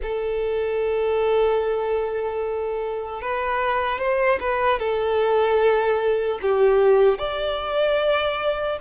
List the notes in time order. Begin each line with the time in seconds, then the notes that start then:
0.02 A4
3.21 B4
3.98 C5
4.40 B4
4.79 A4
6.41 G4
7.18 D5